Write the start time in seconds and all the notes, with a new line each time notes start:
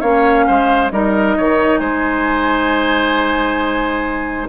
0.00 A#3 C#4 C#5 F5
0.47 G#3 C5
0.90 G3 D#4 A#4 D#5
1.37 D#3 C#5
1.78 G#3 C5 G#5